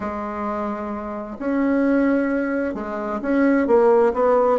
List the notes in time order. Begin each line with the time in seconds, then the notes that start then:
0.00 G#3
1.39 C#4
2.74 G#3
3.21 C#4
3.67 A#3
4.13 B3